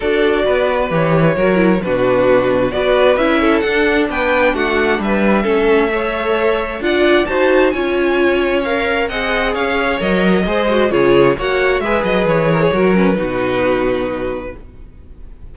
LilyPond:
<<
  \new Staff \with { instrumentName = "violin" } { \time 4/4 \tempo 4 = 132 d''2 cis''2 | b'2 d''4 e''4 | fis''4 g''4 fis''4 e''4~ | e''2. fis''4 |
a''4 gis''2 f''4 | fis''4 f''4 dis''2 | cis''4 fis''4 e''8 dis''8 cis''4~ | cis''8 b'2.~ b'8 | }
  \new Staff \with { instrumentName = "violin" } { \time 4/4 a'4 b'2 ais'4 | fis'2 b'4. a'8~ | a'4 b'4 fis'4 b'4 | a'4 cis''2 d''4 |
c''4 cis''2. | dis''4 cis''2 c''4 | gis'4 cis''4 b'4. ais'16 gis'16 | ais'4 fis'2. | }
  \new Staff \with { instrumentName = "viola" } { \time 4/4 fis'2 g'4 fis'8 e'8 | d'2 fis'4 e'4 | d'1 | cis'4 a'2 f'4 |
fis'4 f'2 ais'4 | gis'2 ais'4 gis'8 fis'8 | f'4 fis'4 gis'2 | fis'8 cis'8 dis'2. | }
  \new Staff \with { instrumentName = "cello" } { \time 4/4 d'4 b4 e4 fis4 | b,2 b4 cis'4 | d'4 b4 a4 g4 | a2. d'4 |
dis'4 cis'2. | c'4 cis'4 fis4 gis4 | cis4 ais4 gis8 fis8 e4 | fis4 b,2. | }
>>